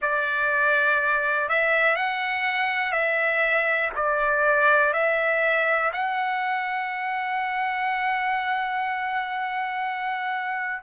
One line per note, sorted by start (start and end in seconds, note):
0.01 1.48 D5
1.48 1.95 E5
1.95 2.92 F#5
2.92 3.90 E5
3.95 4.93 D5
4.93 5.91 E5
5.92 10.82 F#5